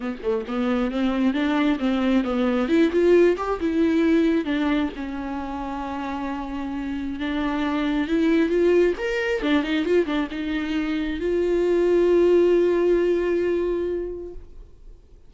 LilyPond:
\new Staff \with { instrumentName = "viola" } { \time 4/4 \tempo 4 = 134 b8 a8 b4 c'4 d'4 | c'4 b4 e'8 f'4 g'8 | e'2 d'4 cis'4~ | cis'1 |
d'2 e'4 f'4 | ais'4 d'8 dis'8 f'8 d'8 dis'4~ | dis'4 f'2.~ | f'1 | }